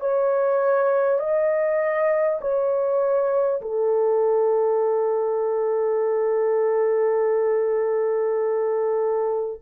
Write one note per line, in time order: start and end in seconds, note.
0.00 1.19 C#5
1.19 2.39 D#5
2.41 3.61 C#5
3.61 9.61 A4